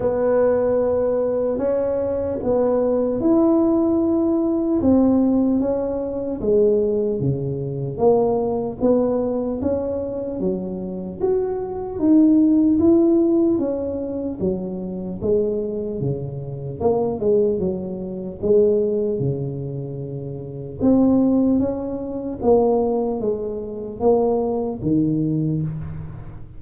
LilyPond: \new Staff \with { instrumentName = "tuba" } { \time 4/4 \tempo 4 = 75 b2 cis'4 b4 | e'2 c'4 cis'4 | gis4 cis4 ais4 b4 | cis'4 fis4 fis'4 dis'4 |
e'4 cis'4 fis4 gis4 | cis4 ais8 gis8 fis4 gis4 | cis2 c'4 cis'4 | ais4 gis4 ais4 dis4 | }